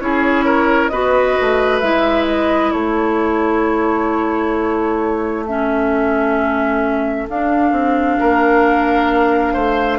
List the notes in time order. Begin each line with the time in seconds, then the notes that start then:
0.00 C#4 E4 G#4 C#5
0.45 A#4
0.88 B3 F#4 B4 D#5
1.41 A3
1.80 G#3 E4 E5
2.28 D#5
2.72 A3 A4 C#5
5.47 C#4 E5
7.29 D4 F5
7.72 C4
8.19 A#3 A#4
9.54 A3 C5